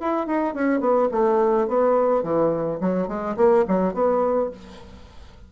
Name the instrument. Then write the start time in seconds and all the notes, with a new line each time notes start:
bassoon
0.00 E4
0.27 D#4
0.55 C#4
0.80 B3
1.11 A3
1.68 B3
2.23 E3
2.81 F#3
3.08 G#3
3.37 A#3
3.68 F#3
3.94 B3